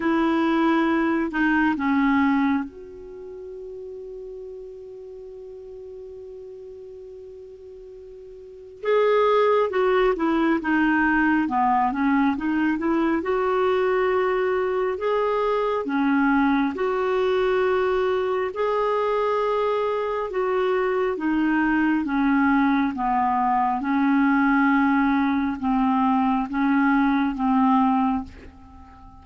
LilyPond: \new Staff \with { instrumentName = "clarinet" } { \time 4/4 \tempo 4 = 68 e'4. dis'8 cis'4 fis'4~ | fis'1~ | fis'2 gis'4 fis'8 e'8 | dis'4 b8 cis'8 dis'8 e'8 fis'4~ |
fis'4 gis'4 cis'4 fis'4~ | fis'4 gis'2 fis'4 | dis'4 cis'4 b4 cis'4~ | cis'4 c'4 cis'4 c'4 | }